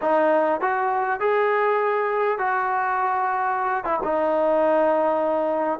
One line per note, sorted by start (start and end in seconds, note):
0.01 0.60 D#4
0.60 1.20 F#4
1.20 2.38 G#4
2.38 3.84 F#4
3.84 3.99 E4
4.03 5.79 D#4